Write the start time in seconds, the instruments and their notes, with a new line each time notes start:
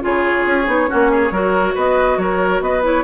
0.00 bassoon C#3, clarinet F4, oboe G#4, flute C#5
0.45 bassoon C#4
0.65 bassoon B3, clarinet D#4
0.87 clarinet C#4, oboe F#4
0.93 bassoon A#3
1.11 oboe G#4
1.31 bassoon F#3, clarinet F#4, oboe A#4
1.74 bassoon B3, oboe B4, flute D#5
2.17 bassoon F#3, oboe A#4, flute C#5
2.60 bassoon B3, oboe B4, flute D#5
2.82 clarinet E4, flute C#5